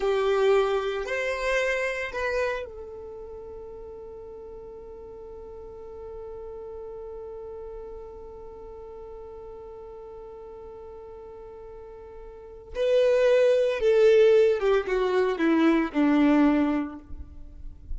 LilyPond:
\new Staff \with { instrumentName = "violin" } { \time 4/4 \tempo 4 = 113 g'2 c''2 | b'4 a'2.~ | a'1~ | a'1~ |
a'1~ | a'1 | b'2 a'4. g'8 | fis'4 e'4 d'2 | }